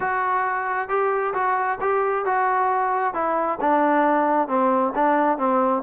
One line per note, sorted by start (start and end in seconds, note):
0.00 0.89 F#4
0.89 1.33 G4
1.34 1.78 F#4
1.80 2.25 G4
2.25 3.14 F#4
3.14 3.58 E4
3.60 4.48 D4
4.48 4.92 C4
4.95 5.38 D4
5.38 5.82 C4